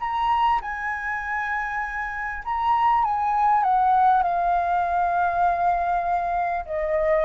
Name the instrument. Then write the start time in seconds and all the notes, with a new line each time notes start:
flute
0.00 A#5
0.61 G#5
2.45 A#5
3.04 G#5
3.63 F#5
4.23 F5
6.65 D#5